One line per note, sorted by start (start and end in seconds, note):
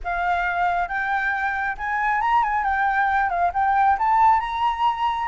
0.04 0.88 F5
0.88 1.76 G5
1.77 2.21 G#5
2.21 2.43 A#5
2.43 2.64 G#5
2.64 3.29 G5
3.29 3.51 F5
3.53 3.97 G5
3.98 4.40 A5
4.40 5.28 A#5